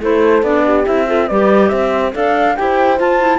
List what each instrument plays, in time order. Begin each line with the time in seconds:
0.00 cello A3, clarinet E4, horn A4, flute C5
0.42 cello B3, clarinet D4, flute D5
0.64 horn G4
0.85 cello C4, clarinet E4, flute E5
1.06 clarinet F4, horn A4
1.27 cello G3, clarinet G4, horn B4, flute D5
1.68 cello C4, horn C5, flute E5
2.12 cello D4, clarinet A4, horn D5, flute F5
2.55 cello E4, clarinet G4, horn C5, flute G5
2.98 clarinet F4, cello F4, flute A5
3.19 clarinet E4